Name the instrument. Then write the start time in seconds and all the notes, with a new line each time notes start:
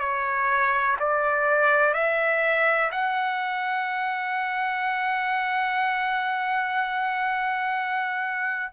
trumpet
0.00 C#5
0.99 D5
1.94 E5
2.91 F#5